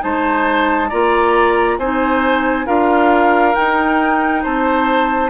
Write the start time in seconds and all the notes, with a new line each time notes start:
0.00 G#3 D#4 C5 A5
0.89 A#3 F4 D5 A#5
1.78 C4 D#4 C5 G#5
2.66 D4 F4 A#4 F5
3.55 D#4 G5
4.42 C4 C5 A5